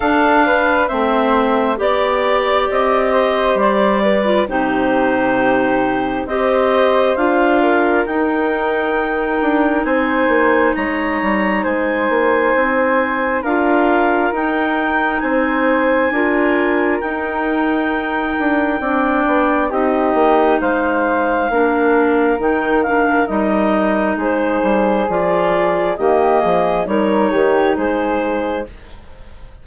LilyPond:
<<
  \new Staff \with { instrumentName = "clarinet" } { \time 4/4 \tempo 4 = 67 f''4 e''4 d''4 dis''4 | d''4 c''2 dis''4 | f''4 g''2 gis''4 | ais''4 gis''2 f''4 |
g''4 gis''2 g''4~ | g''2 dis''4 f''4~ | f''4 g''8 f''8 dis''4 c''4 | d''4 dis''4 cis''4 c''4 | }
  \new Staff \with { instrumentName = "flute" } { \time 4/4 a'8 b'8 c''4 d''4. c''8~ | c''8 b'8 g'2 c''4~ | c''8 ais'2~ ais'8 c''4 | cis''4 c''2 ais'4~ |
ais'4 c''4 ais'2~ | ais'4 d''4 g'4 c''4 | ais'2. gis'4~ | gis'4 g'8 gis'8 ais'8 g'8 gis'4 | }
  \new Staff \with { instrumentName = "clarinet" } { \time 4/4 d'4 c'4 g'2~ | g'8. f'16 dis'2 g'4 | f'4 dis'2.~ | dis'2. f'4 |
dis'2 f'4 dis'4~ | dis'4 d'4 dis'2 | d'4 dis'8 d'8 dis'2 | f'4 ais4 dis'2 | }
  \new Staff \with { instrumentName = "bassoon" } { \time 4/4 d'4 a4 b4 c'4 | g4 c2 c'4 | d'4 dis'4. d'8 c'8 ais8 | gis8 g8 gis8 ais8 c'4 d'4 |
dis'4 c'4 d'4 dis'4~ | dis'8 d'8 c'8 b8 c'8 ais8 gis4 | ais4 dis4 g4 gis8 g8 | f4 dis8 f8 g8 dis8 gis4 | }
>>